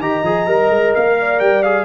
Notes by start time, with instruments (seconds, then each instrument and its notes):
0.00 tuba D#3, trombone G4, horn D#5, trumpet A#5
0.24 tuba F3, trombone G#4
0.47 tuba G3, trombone A#4
0.70 tuba G#3
0.95 tuba A#3, trumpet F5
1.20 horn D5
1.40 tuba G3, trumpet G5
1.63 trombone G#4, trumpet F5